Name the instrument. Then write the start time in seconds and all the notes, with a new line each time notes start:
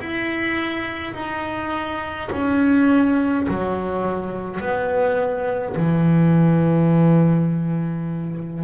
double bass
0.00 E4
1.14 D#4
2.32 C#4
3.48 F#3
4.60 B3
5.76 E3